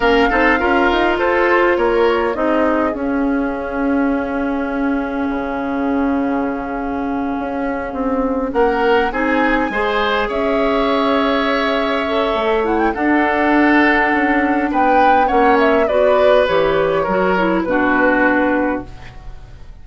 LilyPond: <<
  \new Staff \with { instrumentName = "flute" } { \time 4/4 \tempo 4 = 102 f''2 c''4 cis''4 | dis''4 f''2.~ | f''1~ | f''2~ f''8 fis''4 gis''8~ |
gis''4. e''2~ e''8~ | e''4. fis''16 g''16 fis''2~ | fis''4 g''4 fis''8 e''8 d''4 | cis''2 b'2 | }
  \new Staff \with { instrumentName = "oboe" } { \time 4/4 ais'8 a'8 ais'4 a'4 ais'4 | gis'1~ | gis'1~ | gis'2~ gis'8 ais'4 gis'8~ |
gis'8 c''4 cis''2~ cis''8~ | cis''2 a'2~ | a'4 b'4 cis''4 b'4~ | b'4 ais'4 fis'2 | }
  \new Staff \with { instrumentName = "clarinet" } { \time 4/4 cis'8 dis'8 f'2. | dis'4 cis'2.~ | cis'1~ | cis'2.~ cis'8 dis'8~ |
dis'8 gis'2.~ gis'8~ | gis'8 a'4 e'8 d'2~ | d'2 cis'4 fis'4 | g'4 fis'8 e'8 d'2 | }
  \new Staff \with { instrumentName = "bassoon" } { \time 4/4 ais8 c'8 cis'8 dis'8 f'4 ais4 | c'4 cis'2.~ | cis'4 cis2.~ | cis8 cis'4 c'4 ais4 c'8~ |
c'8 gis4 cis'2~ cis'8~ | cis'4 a4 d'2 | cis'4 b4 ais4 b4 | e4 fis4 b,2 | }
>>